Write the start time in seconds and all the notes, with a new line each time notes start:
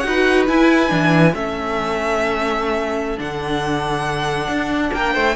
0.00 D#4 F#4 F#5
0.08 B4
0.47 E4 G#5
0.88 E3 D4
1.34 A3 C#4 A4 E5
3.18 D3 D4 F#5
4.48 D4
4.94 A#3 A#4 G5
5.14 A3 C5